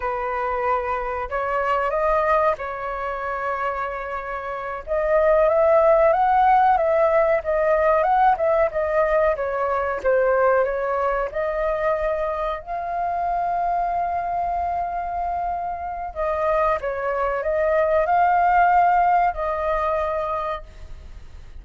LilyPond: \new Staff \with { instrumentName = "flute" } { \time 4/4 \tempo 4 = 93 b'2 cis''4 dis''4 | cis''2.~ cis''8 dis''8~ | dis''8 e''4 fis''4 e''4 dis''8~ | dis''8 fis''8 e''8 dis''4 cis''4 c''8~ |
c''8 cis''4 dis''2 f''8~ | f''1~ | f''4 dis''4 cis''4 dis''4 | f''2 dis''2 | }